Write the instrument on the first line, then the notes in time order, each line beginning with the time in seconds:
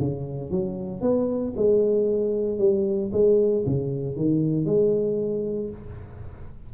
tuba
0.00 C#3
0.51 F#3
1.02 B3
1.57 G#3
2.59 G3
3.13 G#3
3.66 C#3
4.16 D#3
4.66 G#3